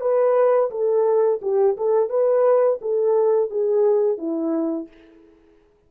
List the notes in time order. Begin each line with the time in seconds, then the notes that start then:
0.00 B4
0.70 A4
1.41 G4
1.77 A4
2.09 B4
2.81 A4
3.50 G#4
4.18 E4